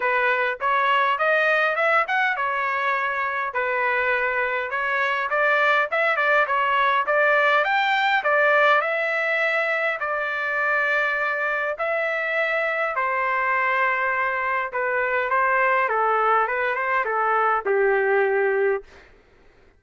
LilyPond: \new Staff \with { instrumentName = "trumpet" } { \time 4/4 \tempo 4 = 102 b'4 cis''4 dis''4 e''8 fis''8 | cis''2 b'2 | cis''4 d''4 e''8 d''8 cis''4 | d''4 g''4 d''4 e''4~ |
e''4 d''2. | e''2 c''2~ | c''4 b'4 c''4 a'4 | b'8 c''8 a'4 g'2 | }